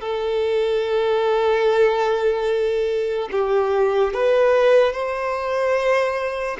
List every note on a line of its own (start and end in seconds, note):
0.00 3.29 A4
3.31 4.13 G4
4.13 4.92 B4
4.92 6.57 C5